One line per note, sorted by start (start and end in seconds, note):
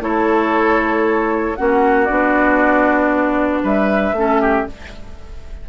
0.00 1.55 A3
0.00 1.55 E4
0.00 1.58 A4
0.00 1.56 C#5
1.56 2.09 A#3
1.56 2.07 C#4
1.56 3.62 F#4
1.56 2.04 F#5
2.04 3.63 B3
2.04 4.14 D4
2.04 3.60 D5
3.62 4.12 G3
3.62 4.14 B4
3.62 4.68 E5
4.12 4.63 A3
4.12 4.67 C#4
4.19 4.41 A4
4.41 4.67 G4